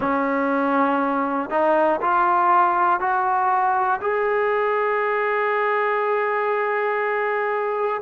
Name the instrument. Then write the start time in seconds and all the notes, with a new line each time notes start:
trombone
0.00 C#4
1.50 D#4
2.00 F4
3.00 F#4
4.01 G#4